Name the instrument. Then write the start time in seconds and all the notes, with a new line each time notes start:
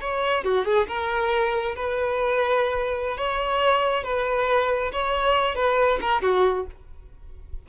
violin
0.00 C#5
0.44 F#4
0.65 G#4
0.87 A#4
1.75 B4
3.17 C#5
4.03 B4
4.92 C#5
5.55 B4
6.01 A#4
6.22 F#4